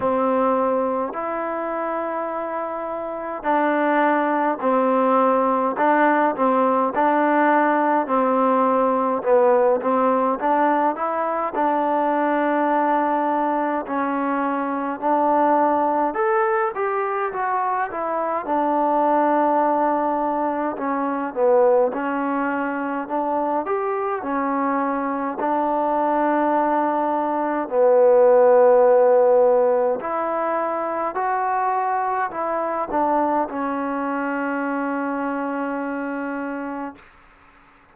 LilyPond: \new Staff \with { instrumentName = "trombone" } { \time 4/4 \tempo 4 = 52 c'4 e'2 d'4 | c'4 d'8 c'8 d'4 c'4 | b8 c'8 d'8 e'8 d'2 | cis'4 d'4 a'8 g'8 fis'8 e'8 |
d'2 cis'8 b8 cis'4 | d'8 g'8 cis'4 d'2 | b2 e'4 fis'4 | e'8 d'8 cis'2. | }